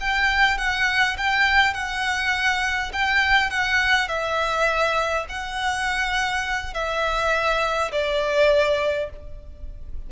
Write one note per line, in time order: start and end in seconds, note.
0.00 0.58 G5
0.58 1.17 F#5
1.17 1.74 G5
1.74 2.91 F#5
2.93 3.50 G5
3.50 4.08 F#5
4.08 5.26 E5
5.29 6.74 F#5
6.74 7.91 E5
7.92 9.10 D5